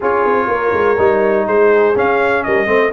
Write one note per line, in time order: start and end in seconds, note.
0.00 0.25 C#4
0.00 0.97 F4
0.00 0.49 G#4
0.00 1.47 C#5
0.25 0.47 C4
0.47 0.71 A#3
0.47 1.47 A#4
0.73 0.97 G#3
0.97 1.46 G3
0.97 1.94 D#4
1.46 1.95 G#3
1.46 2.45 G#4
1.46 1.96 C5
1.94 2.66 C#4
1.94 2.45 C#4
1.94 2.43 F5
2.43 2.66 G3
2.43 2.67 A#4
2.43 2.92 D#5
2.66 2.91 A3
2.66 2.90 C4
2.66 2.91 C5